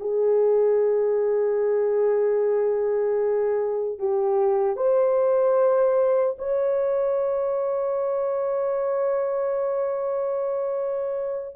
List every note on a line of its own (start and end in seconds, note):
0.00 3.99 G#4
3.99 4.76 G4
4.76 6.36 C5
6.39 11.56 C#5